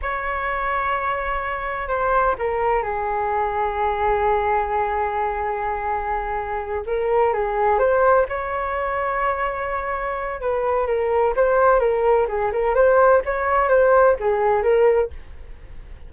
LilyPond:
\new Staff \with { instrumentName = "flute" } { \time 4/4 \tempo 4 = 127 cis''1 | c''4 ais'4 gis'2~ | gis'1~ | gis'2~ gis'8 ais'4 gis'8~ |
gis'8 c''4 cis''2~ cis''8~ | cis''2 b'4 ais'4 | c''4 ais'4 gis'8 ais'8 c''4 | cis''4 c''4 gis'4 ais'4 | }